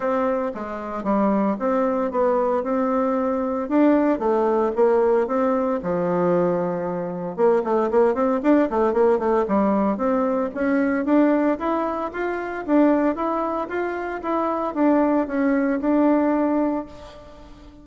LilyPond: \new Staff \with { instrumentName = "bassoon" } { \time 4/4 \tempo 4 = 114 c'4 gis4 g4 c'4 | b4 c'2 d'4 | a4 ais4 c'4 f4~ | f2 ais8 a8 ais8 c'8 |
d'8 a8 ais8 a8 g4 c'4 | cis'4 d'4 e'4 f'4 | d'4 e'4 f'4 e'4 | d'4 cis'4 d'2 | }